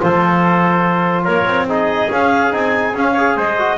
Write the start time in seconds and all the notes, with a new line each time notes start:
0.00 F3 F4 A4 C5
1.24 A#3 A#4 C#5
1.45 C4
1.68 D#4 G#4 D#5
2.09 C#4 F5
2.51 C4 D#4 G#5
2.94 C#4 F5
3.12 G#4 C#5
3.36 G#3 C5 D#5
3.58 F#4